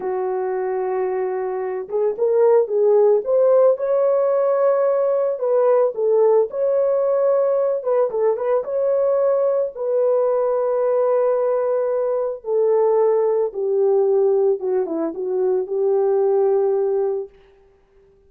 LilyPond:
\new Staff \with { instrumentName = "horn" } { \time 4/4 \tempo 4 = 111 fis'2.~ fis'8 gis'8 | ais'4 gis'4 c''4 cis''4~ | cis''2 b'4 a'4 | cis''2~ cis''8 b'8 a'8 b'8 |
cis''2 b'2~ | b'2. a'4~ | a'4 g'2 fis'8 e'8 | fis'4 g'2. | }